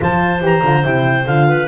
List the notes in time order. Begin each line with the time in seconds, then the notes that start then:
0.00 F3 F4 C5 A5
0.40 E3 G4 A#5
0.64 D3 F4
0.84 C3 E4 G5
1.26 D3 F4 F5
1.49 B4